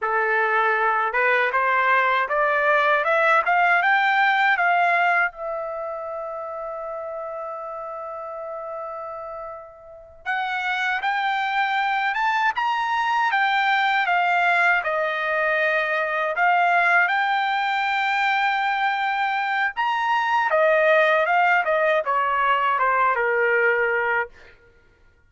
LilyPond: \new Staff \with { instrumentName = "trumpet" } { \time 4/4 \tempo 4 = 79 a'4. b'8 c''4 d''4 | e''8 f''8 g''4 f''4 e''4~ | e''1~ | e''4. fis''4 g''4. |
a''8 ais''4 g''4 f''4 dis''8~ | dis''4. f''4 g''4.~ | g''2 ais''4 dis''4 | f''8 dis''8 cis''4 c''8 ais'4. | }